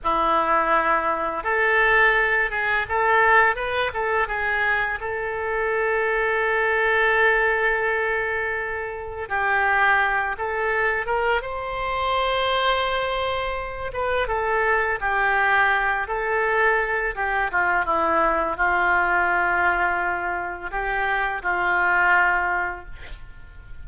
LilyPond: \new Staff \with { instrumentName = "oboe" } { \time 4/4 \tempo 4 = 84 e'2 a'4. gis'8 | a'4 b'8 a'8 gis'4 a'4~ | a'1~ | a'4 g'4. a'4 ais'8 |
c''2.~ c''8 b'8 | a'4 g'4. a'4. | g'8 f'8 e'4 f'2~ | f'4 g'4 f'2 | }